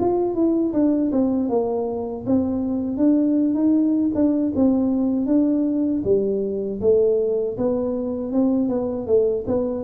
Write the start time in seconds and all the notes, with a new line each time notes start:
0.00 F4
0.35 E4
0.73 D4
1.12 C4
1.49 A#3
2.26 C4
2.97 D4
3.55 D#4
4.15 D4
4.55 C4
5.26 D4
6.04 G3
6.81 A3
7.57 B3
8.32 C4
8.69 B3
9.07 A3
9.47 B3